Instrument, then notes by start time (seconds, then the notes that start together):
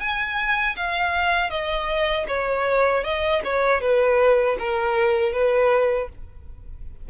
violin
0.00 G#5
0.76 F5
1.50 D#5
2.28 C#5
3.04 D#5
3.45 C#5
3.81 B4
4.59 A#4
5.33 B4